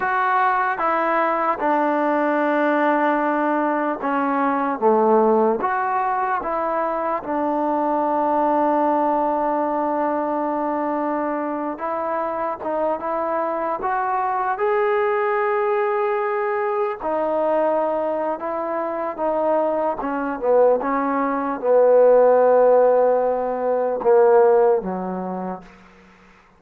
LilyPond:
\new Staff \with { instrumentName = "trombone" } { \time 4/4 \tempo 4 = 75 fis'4 e'4 d'2~ | d'4 cis'4 a4 fis'4 | e'4 d'2.~ | d'2~ d'8. e'4 dis'16~ |
dis'16 e'4 fis'4 gis'4.~ gis'16~ | gis'4~ gis'16 dis'4.~ dis'16 e'4 | dis'4 cis'8 b8 cis'4 b4~ | b2 ais4 fis4 | }